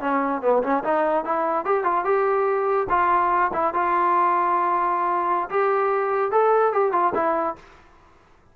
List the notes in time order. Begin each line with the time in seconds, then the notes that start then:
0.00 C#4
0.42 B3
0.62 C#4
0.84 D#4
1.24 E4
1.65 G4
1.83 F4
2.04 G4
2.89 F4
3.53 E4
3.73 F4
5.49 G4
6.31 A4
6.72 G4
6.92 F4
7.14 E4